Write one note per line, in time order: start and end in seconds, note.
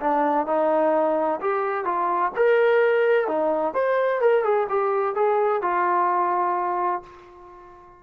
0.00 0.46 D4
0.46 1.40 D#4
1.41 1.85 G4
1.85 2.32 F4
2.35 3.27 A#4
3.27 3.74 D#4
3.74 4.21 C5
4.21 4.44 A#4
4.44 4.67 G#4
4.69 5.15 G4
5.15 5.62 G#4
5.62 7.03 F4